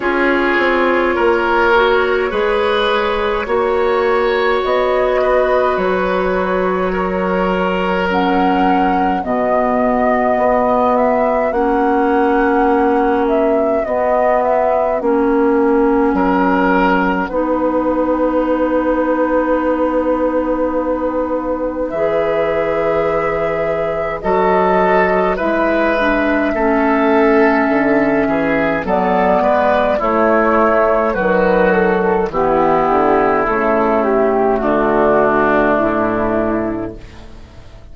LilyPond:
<<
  \new Staff \with { instrumentName = "flute" } { \time 4/4 \tempo 4 = 52 cis''1 | dis''4 cis''2 fis''4 | dis''4. e''8 fis''4. e''8 | dis''8 e''8 fis''2.~ |
fis''2. e''4~ | e''4 dis''4 e''2~ | e''4 d''4 cis''4 b'8 a'8 | g'4 a'8 g'8 fis'4 e'4 | }
  \new Staff \with { instrumentName = "oboe" } { \time 4/4 gis'4 ais'4 b'4 cis''4~ | cis''8 b'4. ais'2 | fis'1~ | fis'2 ais'4 b'4~ |
b'1~ | b'4 a'4 b'4 a'4~ | a'8 gis'8 a'8 b'8 e'4 fis'4 | e'2 d'2 | }
  \new Staff \with { instrumentName = "clarinet" } { \time 4/4 f'4. fis'8 gis'4 fis'4~ | fis'2. cis'4 | b2 cis'2 | b4 cis'2 dis'4~ |
dis'2. gis'4~ | gis'4 fis'4 e'8 d'8 cis'4~ | cis'4 b4 a4 fis4 | b4 a2. | }
  \new Staff \with { instrumentName = "bassoon" } { \time 4/4 cis'8 c'8 ais4 gis4 ais4 | b4 fis2. | b,4 b4 ais2 | b4 ais4 fis4 b4~ |
b2. e4~ | e4 fis4 gis4 a4 | d8 e8 fis8 gis8 a4 dis4 | e8 d8 cis4 d4 a,4 | }
>>